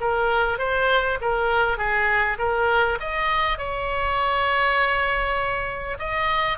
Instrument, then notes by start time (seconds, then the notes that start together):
oboe
0.00 A#4
0.58 C5
1.21 A#4
1.78 G#4
2.38 A#4
3.00 D#5
3.58 C#5
5.98 D#5